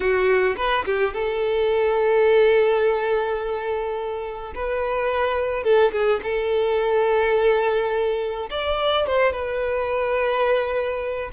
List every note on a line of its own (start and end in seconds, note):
0.00 0.56 F#4
0.56 0.85 B4
0.85 1.13 G4
1.13 4.53 A4
4.54 5.63 B4
5.63 5.92 A4
5.92 6.20 G#4
6.23 8.49 A4
8.50 9.06 D5
9.06 9.32 C5
9.32 11.30 B4